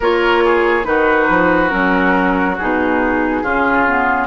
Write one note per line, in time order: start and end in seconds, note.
0.00 0.85 A#3
0.00 0.84 F4
0.00 0.43 A#4
0.00 0.84 C#5
0.44 0.87 G#4
0.84 1.27 D#3
0.84 1.69 D#4
0.84 3.42 F#4
0.84 1.69 B4
1.29 1.72 F3
1.69 2.58 F#3
1.69 2.55 C#4
1.69 2.55 A#4
2.58 3.43 B2
2.58 3.45 D#4
2.58 4.26 G#4
3.42 4.26 C#3
3.42 3.87 C#4
3.42 4.26 F4
3.87 4.26 B3